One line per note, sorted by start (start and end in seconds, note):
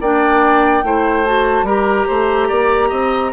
0.00 0.83 A#3
0.00 0.84 D4
0.00 0.84 D5
0.00 1.26 G5
0.83 1.62 A3
0.83 1.25 E4
0.83 1.66 C5
1.25 1.66 F#4
1.25 1.67 A5
1.62 2.04 G3
1.62 3.33 G4
1.62 2.07 A#4
1.69 3.33 A#5
2.07 2.50 A3
2.07 2.48 C5
2.48 2.91 A#3
2.48 2.89 D5
2.89 3.33 C4
2.89 3.30 D#5